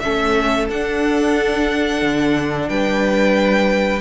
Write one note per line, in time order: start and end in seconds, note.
0.00 0.70 A3
0.00 0.70 C#4
0.00 2.70 A4
0.00 0.67 E5
0.70 2.02 D4
0.70 4.02 D4
0.70 2.70 F#5
2.02 2.69 D3
2.69 4.02 G3
2.69 4.02 B4
2.69 4.02 G5